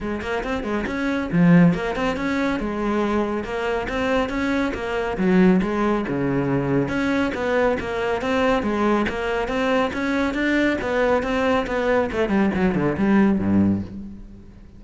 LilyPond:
\new Staff \with { instrumentName = "cello" } { \time 4/4 \tempo 4 = 139 gis8 ais8 c'8 gis8 cis'4 f4 | ais8 c'8 cis'4 gis2 | ais4 c'4 cis'4 ais4 | fis4 gis4 cis2 |
cis'4 b4 ais4 c'4 | gis4 ais4 c'4 cis'4 | d'4 b4 c'4 b4 | a8 g8 fis8 d8 g4 g,4 | }